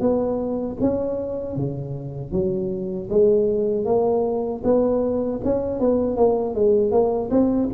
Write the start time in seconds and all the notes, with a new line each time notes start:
0.00 B3
0.81 C#4
1.56 C#3
2.31 F#3
3.10 G#3
3.85 A#3
4.64 B3
5.44 C#4
5.80 B3
6.16 A#3
6.55 G#3
6.91 A#3
7.31 C4